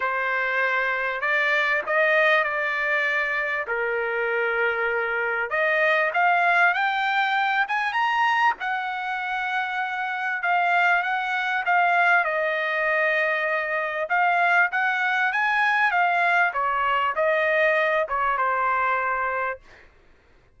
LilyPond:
\new Staff \with { instrumentName = "trumpet" } { \time 4/4 \tempo 4 = 98 c''2 d''4 dis''4 | d''2 ais'2~ | ais'4 dis''4 f''4 g''4~ | g''8 gis''8 ais''4 fis''2~ |
fis''4 f''4 fis''4 f''4 | dis''2. f''4 | fis''4 gis''4 f''4 cis''4 | dis''4. cis''8 c''2 | }